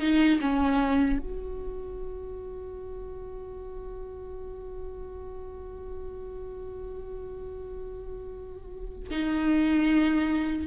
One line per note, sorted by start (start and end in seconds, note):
0.00 0.39 D#4
0.41 1.19 C#4
1.19 9.08 F#4
9.10 10.67 D#4